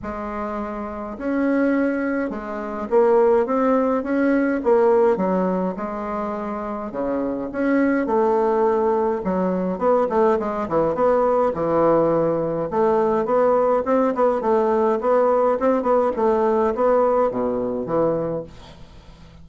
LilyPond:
\new Staff \with { instrumentName = "bassoon" } { \time 4/4 \tempo 4 = 104 gis2 cis'2 | gis4 ais4 c'4 cis'4 | ais4 fis4 gis2 | cis4 cis'4 a2 |
fis4 b8 a8 gis8 e8 b4 | e2 a4 b4 | c'8 b8 a4 b4 c'8 b8 | a4 b4 b,4 e4 | }